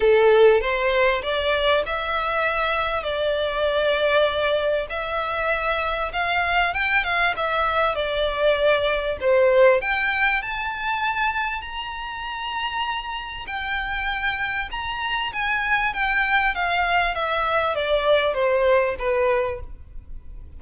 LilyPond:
\new Staff \with { instrumentName = "violin" } { \time 4/4 \tempo 4 = 98 a'4 c''4 d''4 e''4~ | e''4 d''2. | e''2 f''4 g''8 f''8 | e''4 d''2 c''4 |
g''4 a''2 ais''4~ | ais''2 g''2 | ais''4 gis''4 g''4 f''4 | e''4 d''4 c''4 b'4 | }